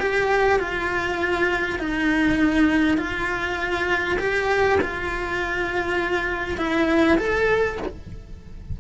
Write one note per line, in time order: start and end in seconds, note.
0.00 0.60 G4
0.60 1.80 F4
1.80 2.98 D#4
2.98 4.18 F4
4.19 4.79 G4
4.81 6.58 F4
6.58 7.18 E4
7.18 7.78 A4